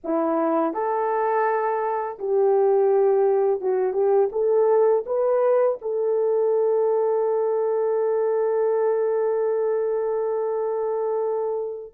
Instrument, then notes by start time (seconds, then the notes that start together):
horn
0.04 E4
0.73 A4
2.18 G4
3.60 F#4
3.93 G4
4.32 A4
5.06 B4
5.81 A4